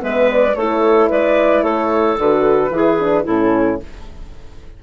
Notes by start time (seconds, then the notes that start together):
0.00 G#3 B3 B4 E5
0.32 D5
0.56 A3 E4 A4 C#5
1.10 G#3 B4 D5
1.63 A3 A4 C#5
2.18 D3 F#4 B4
2.71 E3 E4 G#4
3.00 D4
3.24 A2 C#4 E4 A4